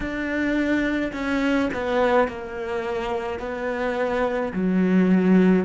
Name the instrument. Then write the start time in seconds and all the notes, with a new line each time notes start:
cello
0.00 D4
1.13 C#4
1.73 B3
2.27 A#3
3.39 B3
4.53 F#3